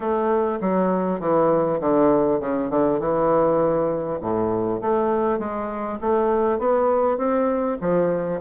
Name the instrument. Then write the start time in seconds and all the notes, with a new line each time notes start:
bassoon
0.00 A3
0.60 F#3
1.20 E3
1.80 D3
2.40 C#3
2.69 D3
2.99 E3
4.21 A2
4.81 A3
5.38 G#3
6.00 A3
6.58 B3
7.17 C4
7.81 F3